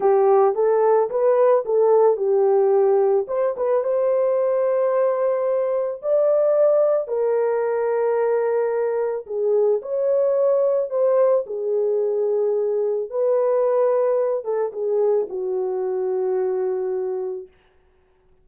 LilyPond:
\new Staff \with { instrumentName = "horn" } { \time 4/4 \tempo 4 = 110 g'4 a'4 b'4 a'4 | g'2 c''8 b'8 c''4~ | c''2. d''4~ | d''4 ais'2.~ |
ais'4 gis'4 cis''2 | c''4 gis'2. | b'2~ b'8 a'8 gis'4 | fis'1 | }